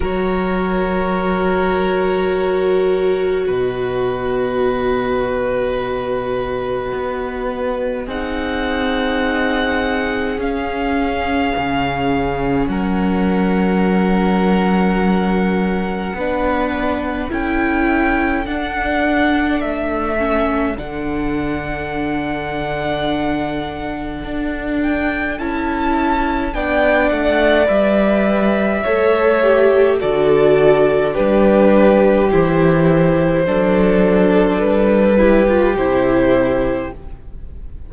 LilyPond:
<<
  \new Staff \with { instrumentName = "violin" } { \time 4/4 \tempo 4 = 52 cis''2. dis''4~ | dis''2. fis''4~ | fis''4 f''2 fis''4~ | fis''2. g''4 |
fis''4 e''4 fis''2~ | fis''4. g''8 a''4 g''8 fis''8 | e''2 d''4 b'4 | c''2 b'4 c''4 | }
  \new Staff \with { instrumentName = "violin" } { \time 4/4 ais'2. b'4~ | b'2. gis'4~ | gis'2. ais'4~ | ais'2 b'4 a'4~ |
a'1~ | a'2. d''4~ | d''4 cis''4 a'4 g'4~ | g'4 a'4. g'4. | }
  \new Staff \with { instrumentName = "viola" } { \time 4/4 fis'1~ | fis'2. dis'4~ | dis'4 cis'2.~ | cis'2 d'4 e'4 |
d'4. cis'8 d'2~ | d'2 e'4 d'4 | b'4 a'8 g'8 fis'4 d'4 | e'4 d'4. e'16 f'16 e'4 | }
  \new Staff \with { instrumentName = "cello" } { \time 4/4 fis2. b,4~ | b,2 b4 c'4~ | c'4 cis'4 cis4 fis4~ | fis2 b4 cis'4 |
d'4 a4 d2~ | d4 d'4 cis'4 b8 a8 | g4 a4 d4 g4 | e4 fis4 g4 c4 | }
>>